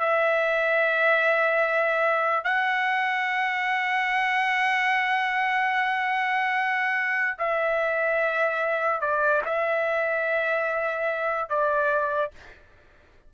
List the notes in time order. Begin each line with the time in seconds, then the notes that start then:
0.00 E5
2.45 F#5
7.39 E5
9.01 D5
9.46 E5
11.50 D5